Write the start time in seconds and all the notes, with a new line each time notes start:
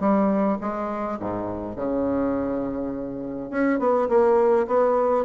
0.00 G3
0.61 G#3
1.19 G#2
1.76 C#3
3.50 C#4
3.79 B3
4.09 A#3
4.67 B3